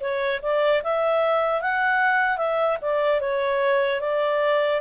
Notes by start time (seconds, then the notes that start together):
0.00 C#5
0.42 D5
0.83 E5
1.61 F#5
2.37 E5
2.81 D5
3.20 C#5
4.00 D5